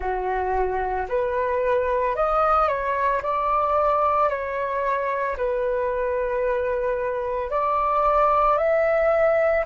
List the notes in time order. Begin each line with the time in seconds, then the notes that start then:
0.00 F#4
1.09 B4
2.15 D#5
2.68 C#5
3.22 D5
4.29 C#5
5.36 B4
7.50 D5
8.57 E5